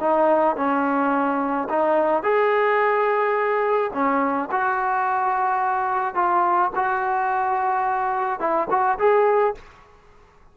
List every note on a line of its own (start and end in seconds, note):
0.00 0.56 D#4
0.56 1.68 C#4
1.69 2.23 D#4
2.23 3.91 G#4
3.93 4.49 C#4
4.51 6.15 F#4
6.15 6.71 F4
6.75 8.40 F#4
8.40 8.68 E4
8.70 8.98 F#4
8.98 9.55 G#4